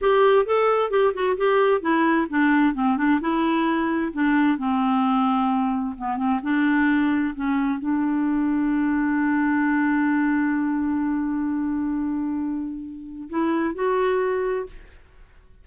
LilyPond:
\new Staff \with { instrumentName = "clarinet" } { \time 4/4 \tempo 4 = 131 g'4 a'4 g'8 fis'8 g'4 | e'4 d'4 c'8 d'8 e'4~ | e'4 d'4 c'2~ | c'4 b8 c'8 d'2 |
cis'4 d'2.~ | d'1~ | d'1~ | d'4 e'4 fis'2 | }